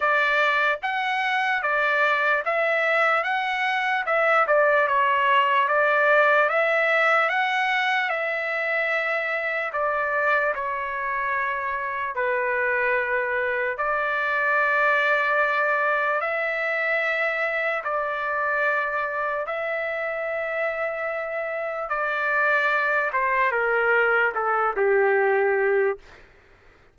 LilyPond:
\new Staff \with { instrumentName = "trumpet" } { \time 4/4 \tempo 4 = 74 d''4 fis''4 d''4 e''4 | fis''4 e''8 d''8 cis''4 d''4 | e''4 fis''4 e''2 | d''4 cis''2 b'4~ |
b'4 d''2. | e''2 d''2 | e''2. d''4~ | d''8 c''8 ais'4 a'8 g'4. | }